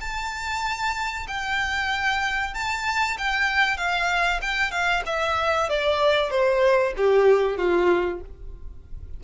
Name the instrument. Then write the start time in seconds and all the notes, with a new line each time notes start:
violin
0.00 A5
1.27 G5
2.53 A5
3.18 G5
3.77 F5
4.41 G5
4.71 F5
5.06 E5
5.69 D5
6.30 C5
6.96 G4
7.57 F4